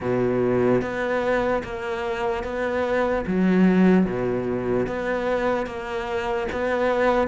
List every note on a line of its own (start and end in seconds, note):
0.00 0.81 B2
0.81 1.62 B3
1.63 2.43 A#3
2.43 3.24 B3
3.27 4.05 F#3
4.05 4.86 B2
4.86 5.66 B3
5.66 6.47 A#3
6.52 7.27 B3